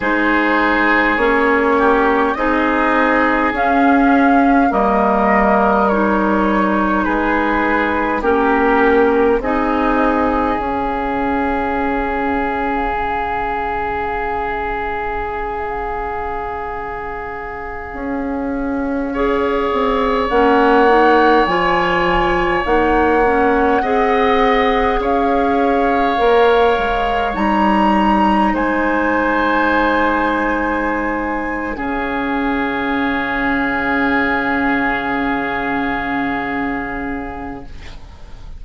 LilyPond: <<
  \new Staff \with { instrumentName = "flute" } { \time 4/4 \tempo 4 = 51 c''4 cis''4 dis''4 f''4 | dis''4 cis''4 b'4 ais'4 | dis''4 f''2.~ | f''1~ |
f''4~ f''16 fis''4 gis''4 fis''8.~ | fis''4~ fis''16 f''2 ais''8.~ | ais''16 gis''2~ gis''8. f''4~ | f''1 | }
  \new Staff \with { instrumentName = "oboe" } { \time 4/4 gis'4. g'8 gis'2 | ais'2 gis'4 g'4 | gis'1~ | gis'1~ |
gis'16 cis''2.~ cis''8.~ | cis''16 dis''4 cis''2~ cis''8.~ | cis''16 c''2~ c''8. gis'4~ | gis'1 | }
  \new Staff \with { instrumentName = "clarinet" } { \time 4/4 dis'4 cis'4 dis'4 cis'4 | ais4 dis'2 cis'4 | dis'4 cis'2.~ | cis'1~ |
cis'16 gis'4 cis'8 dis'8 f'4 dis'8 cis'16~ | cis'16 gis'2 ais'4 dis'8.~ | dis'2. cis'4~ | cis'1 | }
  \new Staff \with { instrumentName = "bassoon" } { \time 4/4 gis4 ais4 c'4 cis'4 | g2 gis4 ais4 | c'4 cis'2 cis4~ | cis2.~ cis16 cis'8.~ |
cis'8. c'8 ais4 f4 ais8.~ | ais16 c'4 cis'4 ais8 gis8 g8.~ | g16 gis2~ gis8. cis4~ | cis1 | }
>>